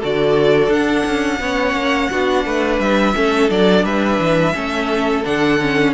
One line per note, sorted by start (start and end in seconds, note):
0.00 0.69 D3
0.00 0.70 F#4
0.00 1.40 A4
0.00 0.73 D5
0.69 1.03 D4
0.69 1.40 D4
0.69 2.81 F#5
1.06 1.40 C#4
1.40 1.74 B3
1.40 2.11 C#4
1.40 2.11 C#5
1.74 2.09 A#3
2.11 2.46 B3
2.11 3.15 D4
2.11 2.46 F#4
2.46 2.80 A3
2.46 3.15 B4
2.80 3.14 G3
2.80 3.50 E5
3.15 3.50 A3
3.15 3.49 C#4
3.15 3.85 A4
3.49 3.84 F#3
3.49 4.54 D4
3.49 3.86 D5
3.84 4.19 G3
3.84 4.55 B4
3.84 5.25 E5
4.19 4.54 E3
4.54 5.25 A3
4.54 5.24 C#4
4.54 5.94 A4
5.24 5.94 D3
5.24 5.59 D4
5.24 5.94 F#5
5.61 5.94 C#4